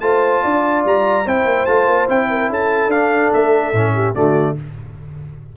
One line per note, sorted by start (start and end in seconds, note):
0.00 0.43 A3
0.00 1.26 F4
0.00 0.43 C5
0.00 0.83 A5
0.43 0.85 D4
0.43 1.25 D5
0.85 1.26 G3
0.85 1.28 A#5
1.25 1.45 C4
1.25 1.67 E4
1.25 2.29 C5
1.25 1.65 G5
1.45 1.66 A#3
1.65 1.87 A3
1.65 2.08 F4
1.65 2.07 A5
1.87 2.07 A#3
2.08 2.49 C4
2.08 2.91 E4
2.08 2.51 G5
2.30 2.50 A#4
2.49 2.87 C#4
2.49 3.94 A4
2.49 2.91 A5
2.87 3.29 D4
2.87 3.74 D4
2.87 3.32 F5
3.33 3.73 A3
3.33 4.15 E5
3.73 4.14 A2
3.73 4.14 C#4
3.94 4.14 G4
4.14 4.56 D3
4.14 4.56 A3
4.14 4.56 F#4
4.14 4.56 D5